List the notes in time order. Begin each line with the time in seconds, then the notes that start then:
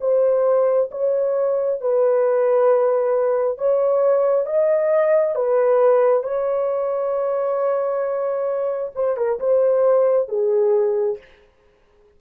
0.00 C5
0.91 C#5
1.81 B4
3.58 C#5
4.46 D#5
5.35 B4
6.23 C#5
8.95 C5
9.17 A#4
9.39 C5
10.28 G#4